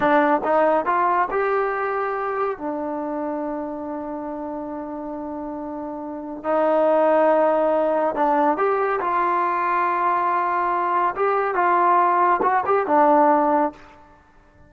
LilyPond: \new Staff \with { instrumentName = "trombone" } { \time 4/4 \tempo 4 = 140 d'4 dis'4 f'4 g'4~ | g'2 d'2~ | d'1~ | d'2. dis'4~ |
dis'2. d'4 | g'4 f'2.~ | f'2 g'4 f'4~ | f'4 fis'8 g'8 d'2 | }